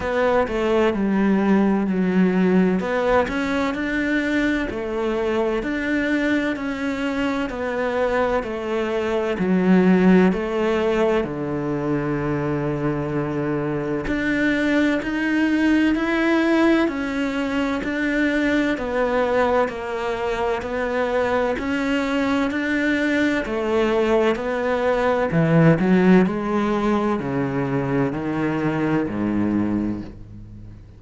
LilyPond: \new Staff \with { instrumentName = "cello" } { \time 4/4 \tempo 4 = 64 b8 a8 g4 fis4 b8 cis'8 | d'4 a4 d'4 cis'4 | b4 a4 fis4 a4 | d2. d'4 |
dis'4 e'4 cis'4 d'4 | b4 ais4 b4 cis'4 | d'4 a4 b4 e8 fis8 | gis4 cis4 dis4 gis,4 | }